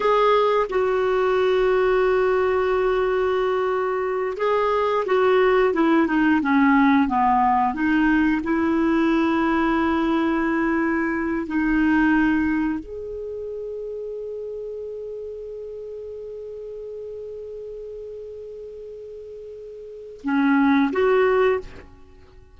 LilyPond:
\new Staff \with { instrumentName = "clarinet" } { \time 4/4 \tempo 4 = 89 gis'4 fis'2.~ | fis'2~ fis'8 gis'4 fis'8~ | fis'8 e'8 dis'8 cis'4 b4 dis'8~ | dis'8 e'2.~ e'8~ |
e'4 dis'2 gis'4~ | gis'1~ | gis'1~ | gis'2 cis'4 fis'4 | }